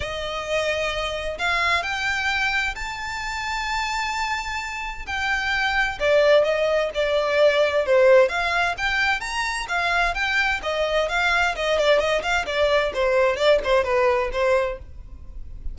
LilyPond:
\new Staff \with { instrumentName = "violin" } { \time 4/4 \tempo 4 = 130 dis''2. f''4 | g''2 a''2~ | a''2. g''4~ | g''4 d''4 dis''4 d''4~ |
d''4 c''4 f''4 g''4 | ais''4 f''4 g''4 dis''4 | f''4 dis''8 d''8 dis''8 f''8 d''4 | c''4 d''8 c''8 b'4 c''4 | }